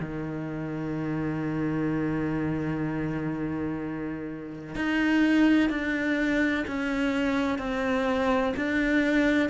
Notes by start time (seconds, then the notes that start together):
0.00 D#3
4.75 D#4
5.70 D4
6.67 C#4
7.58 C4
8.56 D4